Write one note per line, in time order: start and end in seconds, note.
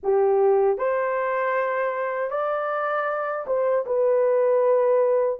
0.03 0.78 G4
0.78 2.30 C5
2.30 3.45 D5
3.46 3.85 C5
3.86 5.39 B4